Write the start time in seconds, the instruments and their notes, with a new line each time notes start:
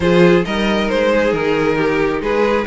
0.00 cello F3, viola F4, violin G#4 C5
0.44 cello G3, viola D#4, violin A#4 D#5
0.89 cello G#3, violin C5
1.12 violin G#4
1.32 cello D#3, violin A#4
1.77 violin G4
2.21 cello G#3, violin G#4 B4